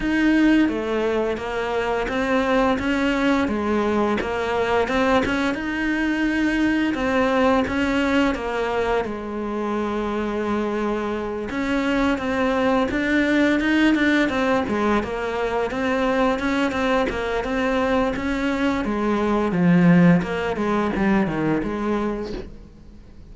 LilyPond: \new Staff \with { instrumentName = "cello" } { \time 4/4 \tempo 4 = 86 dis'4 a4 ais4 c'4 | cis'4 gis4 ais4 c'8 cis'8 | dis'2 c'4 cis'4 | ais4 gis2.~ |
gis8 cis'4 c'4 d'4 dis'8 | d'8 c'8 gis8 ais4 c'4 cis'8 | c'8 ais8 c'4 cis'4 gis4 | f4 ais8 gis8 g8 dis8 gis4 | }